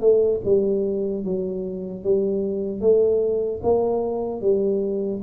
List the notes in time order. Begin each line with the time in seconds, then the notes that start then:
0.00 A3
0.44 G3
1.24 F#3
2.04 G3
2.81 A3
3.63 A#3
4.41 G3